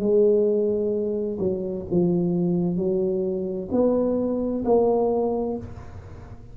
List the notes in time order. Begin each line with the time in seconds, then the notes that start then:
0.00 G#3
1.39 F#3
1.91 F3
2.77 F#3
3.72 B3
4.65 A#3